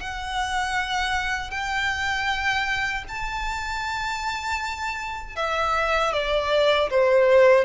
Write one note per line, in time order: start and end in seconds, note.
0.00 1.50 F#5
1.50 3.04 G5
3.08 5.35 A5
5.35 6.12 E5
6.13 6.90 D5
6.90 7.64 C5